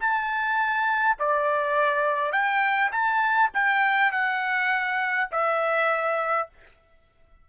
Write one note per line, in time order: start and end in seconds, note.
0.00 1.18 A5
1.19 2.32 D5
2.32 2.91 G5
2.92 3.51 A5
3.53 4.12 G5
4.12 5.29 F#5
5.31 6.49 E5